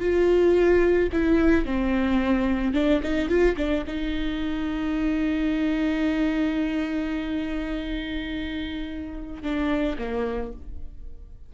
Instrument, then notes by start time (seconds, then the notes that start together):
viola
0.00 F4
1.13 E4
1.66 C4
2.74 D4
3.03 D#4
3.29 F4
3.57 D4
3.87 D#4
9.43 D4
9.98 A#3